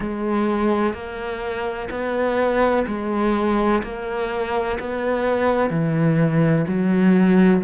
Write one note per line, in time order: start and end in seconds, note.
0.00 0.93 G#3
0.93 1.88 A#3
1.90 2.85 B3
2.87 3.82 G#3
3.83 4.78 A#3
4.79 5.70 B3
5.70 6.65 E3
6.67 7.62 F#3